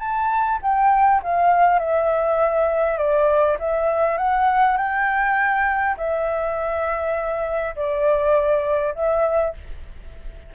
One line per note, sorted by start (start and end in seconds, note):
0.00 0.59 A5
0.62 1.22 G5
1.23 1.80 F5
1.80 2.98 E5
2.98 3.58 D5
3.60 4.18 E5
4.18 4.77 F#5
4.77 5.96 G5
5.97 7.76 E5
7.76 8.95 D5
8.95 9.55 E5